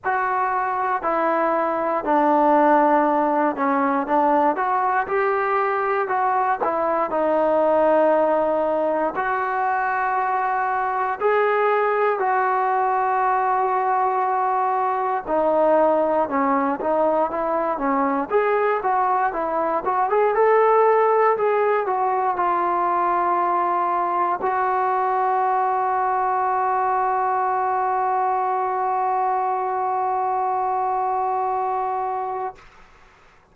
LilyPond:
\new Staff \with { instrumentName = "trombone" } { \time 4/4 \tempo 4 = 59 fis'4 e'4 d'4. cis'8 | d'8 fis'8 g'4 fis'8 e'8 dis'4~ | dis'4 fis'2 gis'4 | fis'2. dis'4 |
cis'8 dis'8 e'8 cis'8 gis'8 fis'8 e'8 fis'16 gis'16 | a'4 gis'8 fis'8 f'2 | fis'1~ | fis'1 | }